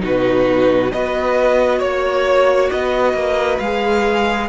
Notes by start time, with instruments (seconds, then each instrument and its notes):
0.00 cello B2, viola D#4, violin F#4 B4
0.92 cello B3, viola F#4, violin B4 D#5
1.79 cello A#3, violin C#5
2.71 cello B3, violin B4 D#5
3.14 cello A#3
3.59 cello G#3, viola G#4, violin F5